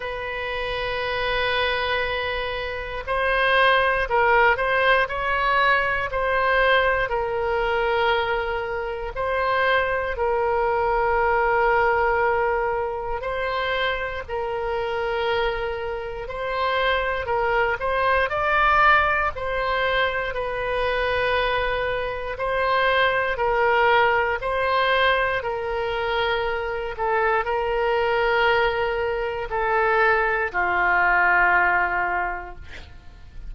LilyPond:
\new Staff \with { instrumentName = "oboe" } { \time 4/4 \tempo 4 = 59 b'2. c''4 | ais'8 c''8 cis''4 c''4 ais'4~ | ais'4 c''4 ais'2~ | ais'4 c''4 ais'2 |
c''4 ais'8 c''8 d''4 c''4 | b'2 c''4 ais'4 | c''4 ais'4. a'8 ais'4~ | ais'4 a'4 f'2 | }